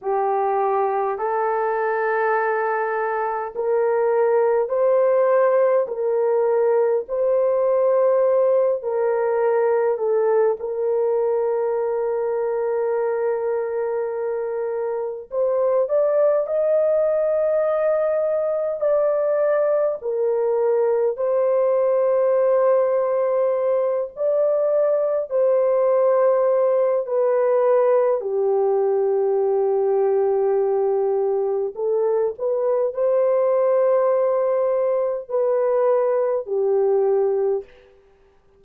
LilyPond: \new Staff \with { instrumentName = "horn" } { \time 4/4 \tempo 4 = 51 g'4 a'2 ais'4 | c''4 ais'4 c''4. ais'8~ | ais'8 a'8 ais'2.~ | ais'4 c''8 d''8 dis''2 |
d''4 ais'4 c''2~ | c''8 d''4 c''4. b'4 | g'2. a'8 b'8 | c''2 b'4 g'4 | }